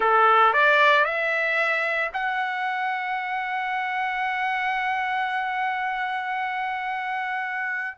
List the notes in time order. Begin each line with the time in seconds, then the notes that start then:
0.00 A4
0.53 D5
1.04 E5
2.13 F#5